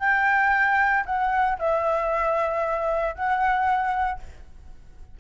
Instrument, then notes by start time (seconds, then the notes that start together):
flute
0.00 G5
1.06 F#5
1.59 E5
3.15 F#5